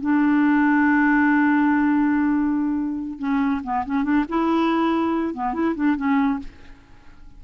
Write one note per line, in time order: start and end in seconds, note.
0.00 3.18 D4
3.18 3.61 C#4
3.63 3.84 B3
3.85 4.03 C#4
4.03 4.24 D4
4.28 5.33 E4
5.33 5.53 B3
5.53 5.74 E4
5.75 5.96 D4
5.96 6.39 C#4